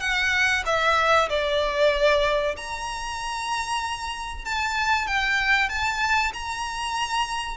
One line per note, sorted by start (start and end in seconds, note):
0.00 0.63 F#5
0.65 1.29 E5
1.29 2.56 D5
2.56 4.45 A#5
4.45 5.07 A5
5.07 5.69 G5
5.69 6.32 A5
6.33 7.57 A#5